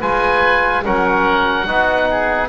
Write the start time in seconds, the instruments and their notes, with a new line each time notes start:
0.00 double bass G#3, trombone F4, oboe B4 G#5
0.85 double bass F#3, trombone C#4, oboe A#4 F#5
1.67 double bass B3, trombone D#4, oboe F#4
2.11 oboe G#4